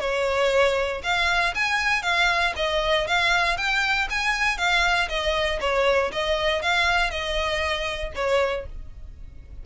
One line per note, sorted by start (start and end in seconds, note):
0.00 1.02 C#5
1.03 1.54 F5
1.55 2.02 G#5
2.02 2.53 F5
2.56 3.07 D#5
3.07 3.57 F5
3.57 4.08 G5
4.10 4.57 G#5
4.57 5.08 F5
5.09 5.60 D#5
5.60 6.11 C#5
6.12 6.62 D#5
6.62 7.10 F5
7.10 8.12 D#5
8.15 8.66 C#5